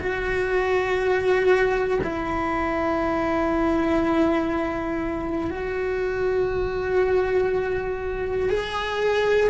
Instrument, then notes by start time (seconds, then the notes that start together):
cello
0.00 F#4
2.04 E4
5.50 F#4
8.50 G#4